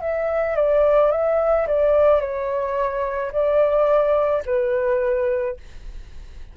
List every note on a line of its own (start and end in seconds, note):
0.00 0.56 E5
0.56 1.11 D5
1.11 1.67 E5
1.67 2.20 D5
2.20 3.31 C#5
3.31 4.42 D5
4.45 5.56 B4